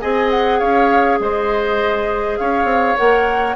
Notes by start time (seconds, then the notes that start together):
0.00 C4 G#4 D#5 G#5
0.30 F#5
0.59 C#4 C#5 F5
1.20 G#3 C5 D#5
2.37 C#4 C#5 F5
2.64 C4
2.97 A#3 A#4 F#5